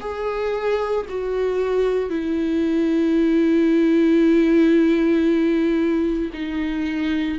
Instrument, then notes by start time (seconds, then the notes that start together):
viola
0.00 G#4
1.09 F#4
2.09 E4
6.33 D#4